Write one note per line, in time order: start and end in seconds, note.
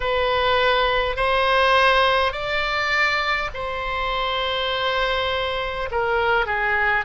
0.00 1.16 B4
1.16 2.32 C5
2.32 3.50 D5
3.53 5.89 C5
5.91 6.45 A#4
6.45 7.04 G#4